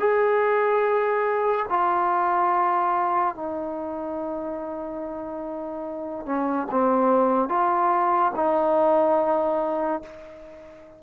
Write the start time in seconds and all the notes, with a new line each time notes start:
0.00 G#4
1.70 F4
3.36 D#4
6.26 C#4
6.71 C4
7.49 F4
8.36 D#4